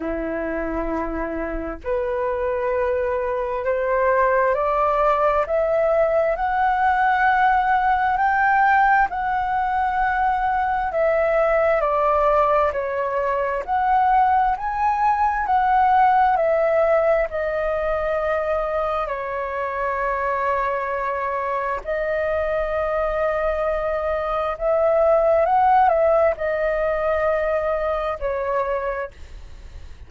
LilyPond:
\new Staff \with { instrumentName = "flute" } { \time 4/4 \tempo 4 = 66 e'2 b'2 | c''4 d''4 e''4 fis''4~ | fis''4 g''4 fis''2 | e''4 d''4 cis''4 fis''4 |
gis''4 fis''4 e''4 dis''4~ | dis''4 cis''2. | dis''2. e''4 | fis''8 e''8 dis''2 cis''4 | }